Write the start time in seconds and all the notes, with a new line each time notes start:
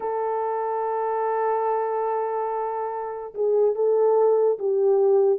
0.00 A4
3.34 G#4
3.75 A4
4.59 G4